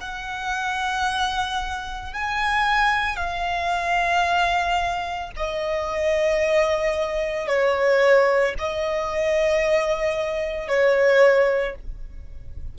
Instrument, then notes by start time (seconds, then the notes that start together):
violin
0.00 F#5
2.13 G#5
3.16 F5
5.36 D#5
7.47 C#5
8.58 D#5
10.68 C#5